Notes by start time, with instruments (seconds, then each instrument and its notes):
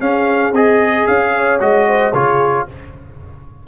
0.00 tuba C#4, trombone C#4, horn G#4, trumpet F5
0.51 tuba C4, trombone G#4, trumpet D#5
1.06 tuba C#4, trumpet F5
1.35 horn C#5
1.59 tuba G#3, trombone F#4, trumpet D#5
1.87 horn C5
2.12 tuba C#3, trombone F4, horn G#4, trumpet C#5